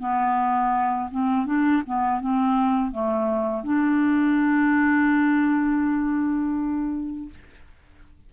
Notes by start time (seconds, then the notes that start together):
0.00 B3
1.11 C4
1.46 D4
1.86 B3
2.21 C4
2.92 A3
3.64 D4